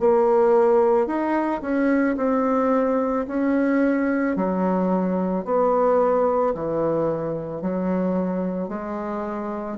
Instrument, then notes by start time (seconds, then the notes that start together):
bassoon
0.00 A#3
1.07 D#4
1.61 C#4
2.17 C4
3.27 C#4
4.36 F#3
5.45 B3
6.55 E3
7.61 F#3
8.68 G#3